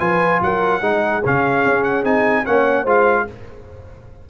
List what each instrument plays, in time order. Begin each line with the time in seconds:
0.00 tuba F3, trombone F4, horn B4, trumpet G#5
0.42 tuba F#3, horn A#4, trumpet F#5
0.80 tuba G#3, trombone D#4, horn G#4
1.25 tuba C#3, trombone C#4, trumpet F5
1.66 tuba C#4
1.84 trumpet F#5
2.04 tuba C4, trombone D#4, trumpet G#5
2.45 tuba A#3, trombone C#4, horn C#5, trumpet F#5
2.83 tuba G#3, trombone F4, horn C5
2.89 trumpet F5